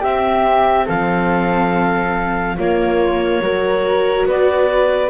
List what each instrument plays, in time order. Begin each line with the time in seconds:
0.00 double bass C4, viola C4, flute G4, clarinet E5
0.86 double bass F3, flute A4, clarinet F5
2.57 double bass A#3, viola A#3, flute F4, clarinet C#5
3.40 double bass F#3, viola F#4, flute A#4
4.25 double bass B3, flute B4, clarinet D5